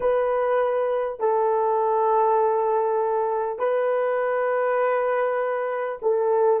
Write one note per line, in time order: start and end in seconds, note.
0.00 1.19 B4
1.19 3.58 A4
3.58 5.98 B4
6.02 6.60 A4